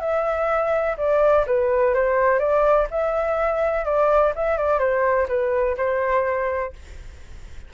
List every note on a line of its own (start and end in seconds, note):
0.00 0.96 E5
0.97 1.45 D5
1.46 1.94 B4
1.94 2.39 C5
2.39 2.87 D5
2.90 3.85 E5
3.85 4.33 D5
4.35 4.57 E5
4.57 4.79 D5
4.79 5.27 C5
5.28 5.76 B4
5.77 6.73 C5